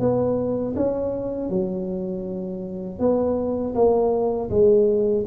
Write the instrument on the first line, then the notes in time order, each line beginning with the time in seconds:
tuba
0.00 B3
0.76 C#4
1.50 F#3
3.00 B3
3.75 A#3
4.50 G#3